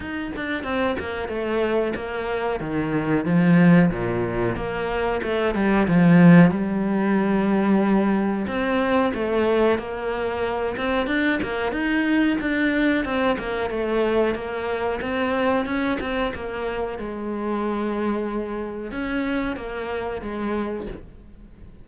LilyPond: \new Staff \with { instrumentName = "cello" } { \time 4/4 \tempo 4 = 92 dis'8 d'8 c'8 ais8 a4 ais4 | dis4 f4 ais,4 ais4 | a8 g8 f4 g2~ | g4 c'4 a4 ais4~ |
ais8 c'8 d'8 ais8 dis'4 d'4 | c'8 ais8 a4 ais4 c'4 | cis'8 c'8 ais4 gis2~ | gis4 cis'4 ais4 gis4 | }